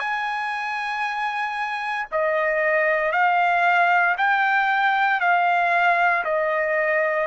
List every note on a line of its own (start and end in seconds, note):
0.00 2.07 G#5
2.12 3.12 D#5
3.12 4.16 F5
4.18 5.21 G5
5.21 6.24 F5
6.24 7.27 D#5